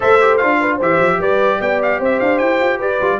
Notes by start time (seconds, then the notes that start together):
0.00 A3 A4 C5 E5
0.20 G4
0.37 D4 F4 F5
0.60 B4
0.76 E3 G4 C5 E5
0.99 F3
1.19 G3 B4 D5
1.60 B3 D5 G5
1.82 F5
2.00 C4 C5 E5
2.19 D4 F5
2.38 E4 G5
2.60 F4
2.78 G4 B4 D5
3.01 G3 F4